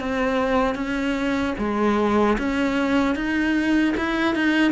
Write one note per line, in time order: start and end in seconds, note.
0.00 0.75 C4
0.75 1.54 C#4
1.59 2.38 G#3
2.39 3.16 C#4
3.16 3.95 D#4
3.97 4.35 E4
4.35 4.72 D#4